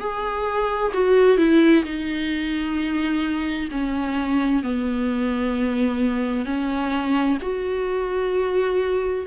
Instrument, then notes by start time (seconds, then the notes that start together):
viola
0.00 G#4
0.94 F#4
1.38 E4
1.85 D#4
3.71 C#4
4.63 B3
6.46 C#4
7.42 F#4